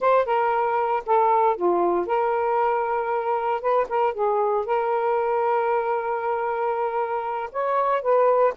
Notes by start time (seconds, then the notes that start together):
0.00 C5
0.25 A#4
1.06 A4
1.56 F4
2.06 A#4
3.61 B4
3.88 A#4
4.13 G#4
4.65 A#4
7.51 C#5
8.01 B4